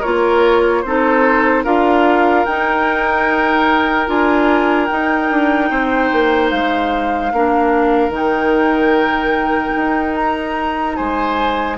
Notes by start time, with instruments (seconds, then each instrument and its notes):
0.00 bassoon A#3, clarinet F4, oboe A#4, flute C#5
0.82 bassoon C4, clarinet D#4, oboe A4, flute C5
1.64 bassoon D4, clarinet F4, oboe A#4, flute F5
2.46 bassoon D#4, clarinet D#4, flute G5
4.07 bassoon D4, clarinet F4, flute G#5
4.86 clarinet D#4, bassoon D#4, flute G5
5.31 bassoon D4
5.70 bassoon C4, oboe C5
6.12 bassoon A#3
6.50 bassoon G#3, flute F5
7.32 bassoon A#3, clarinet D4, oboe A#4
8.09 bassoon D#3, clarinet D#4
8.16 flute G5
9.76 bassoon D#4
10.16 flute A#5
10.96 bassoon G#3, oboe C5, flute G#5